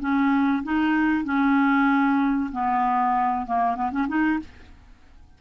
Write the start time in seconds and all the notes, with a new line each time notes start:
0.00 C#4
0.63 D#4
1.25 C#4
2.52 B3
3.46 A#3
3.76 B3
3.92 C#4
4.08 D#4